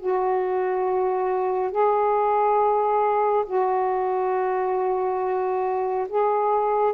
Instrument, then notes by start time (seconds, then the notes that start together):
saxophone
0.00 F#4
1.71 G#4
3.47 F#4
6.09 G#4